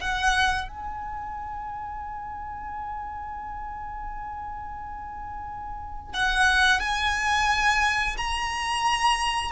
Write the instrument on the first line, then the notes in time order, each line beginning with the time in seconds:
violin
0.00 F#5
0.68 G#5
6.13 F#5
6.80 G#5
8.17 A#5